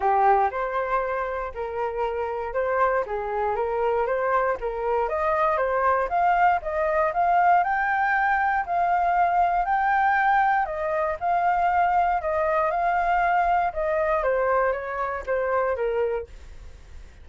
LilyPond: \new Staff \with { instrumentName = "flute" } { \time 4/4 \tempo 4 = 118 g'4 c''2 ais'4~ | ais'4 c''4 gis'4 ais'4 | c''4 ais'4 dis''4 c''4 | f''4 dis''4 f''4 g''4~ |
g''4 f''2 g''4~ | g''4 dis''4 f''2 | dis''4 f''2 dis''4 | c''4 cis''4 c''4 ais'4 | }